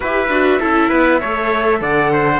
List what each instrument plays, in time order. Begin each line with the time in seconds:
0.00 cello E4, viola G4, trumpet B4, flute E5
0.28 cello D4, viola F#4
0.60 cello C#4, viola E4, trumpet A4
0.89 cello B3, trumpet B4
1.20 cello A3, viola A4, trumpet C#5
1.80 cello D3, trumpet D5, flute F#5
2.12 trumpet C5